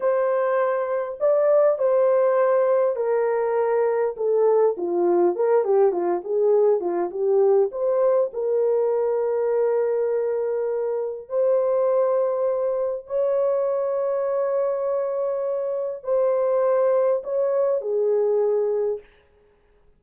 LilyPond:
\new Staff \with { instrumentName = "horn" } { \time 4/4 \tempo 4 = 101 c''2 d''4 c''4~ | c''4 ais'2 a'4 | f'4 ais'8 g'8 f'8 gis'4 f'8 | g'4 c''4 ais'2~ |
ais'2. c''4~ | c''2 cis''2~ | cis''2. c''4~ | c''4 cis''4 gis'2 | }